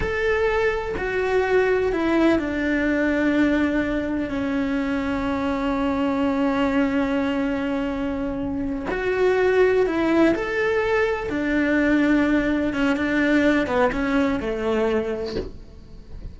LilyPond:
\new Staff \with { instrumentName = "cello" } { \time 4/4 \tempo 4 = 125 a'2 fis'2 | e'4 d'2.~ | d'4 cis'2.~ | cis'1~ |
cis'2~ cis'8 fis'4.~ | fis'8 e'4 a'2 d'8~ | d'2~ d'8 cis'8 d'4~ | d'8 b8 cis'4 a2 | }